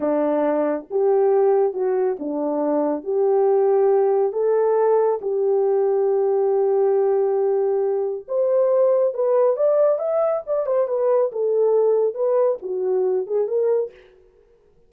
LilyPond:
\new Staff \with { instrumentName = "horn" } { \time 4/4 \tempo 4 = 138 d'2 g'2 | fis'4 d'2 g'4~ | g'2 a'2 | g'1~ |
g'2. c''4~ | c''4 b'4 d''4 e''4 | d''8 c''8 b'4 a'2 | b'4 fis'4. gis'8 ais'4 | }